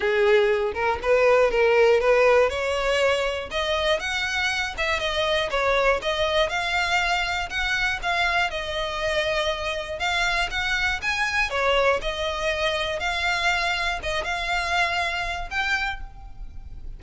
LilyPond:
\new Staff \with { instrumentName = "violin" } { \time 4/4 \tempo 4 = 120 gis'4. ais'8 b'4 ais'4 | b'4 cis''2 dis''4 | fis''4. e''8 dis''4 cis''4 | dis''4 f''2 fis''4 |
f''4 dis''2. | f''4 fis''4 gis''4 cis''4 | dis''2 f''2 | dis''8 f''2~ f''8 g''4 | }